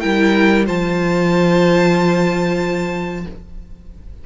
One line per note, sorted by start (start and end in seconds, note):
0.00 0.68 G3
0.00 0.65 E4
0.00 0.66 A#4
0.00 0.65 G5
0.65 3.26 F3
0.65 3.24 F4
0.65 3.24 C5
0.65 3.26 A5